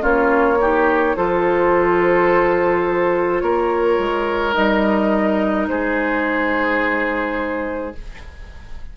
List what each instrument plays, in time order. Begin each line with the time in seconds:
0.00 bassoon A#3, clarinet C#4, oboe F4, flute C#5
0.60 clarinet D#4, oboe G4
1.16 bassoon F3, clarinet F4, oboe A4, flute C5
3.40 bassoon A#3, oboe A#4, flute C#5
3.98 bassoon G#3
4.53 bassoon G3, clarinet D#4, flute D#5
5.68 bassoon G#3, oboe G#4, flute C5